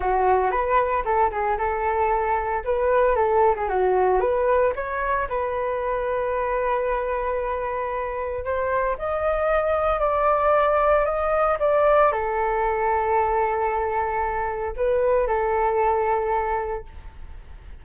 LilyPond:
\new Staff \with { instrumentName = "flute" } { \time 4/4 \tempo 4 = 114 fis'4 b'4 a'8 gis'8 a'4~ | a'4 b'4 a'8. gis'16 fis'4 | b'4 cis''4 b'2~ | b'1 |
c''4 dis''2 d''4~ | d''4 dis''4 d''4 a'4~ | a'1 | b'4 a'2. | }